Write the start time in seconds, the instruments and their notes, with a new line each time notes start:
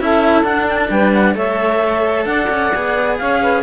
0.00 cello C#4 E4, saxophone A4, clarinet E5
0.43 cello D4, clarinet F#5
0.69 clarinet G5
0.76 clarinet A5
0.90 cello G3, saxophone B4, clarinet G5
1.13 clarinet F#5
1.35 cello A3 A4, saxophone C#5, clarinet E5
2.25 cello D4, saxophone D5, clarinet F#5
2.50 cello C#4
2.75 cello B3 G#4
3.18 cello C#4, saxophone C#5, clarinet F5
3.41 saxophone B4